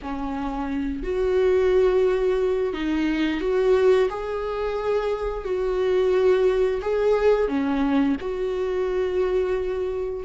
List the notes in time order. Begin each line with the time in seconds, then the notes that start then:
0.02 C#4
1.03 F#4
2.73 D#4
3.40 F#4
4.09 G#4
5.44 F#4
6.81 G#4
7.48 C#4
8.20 F#4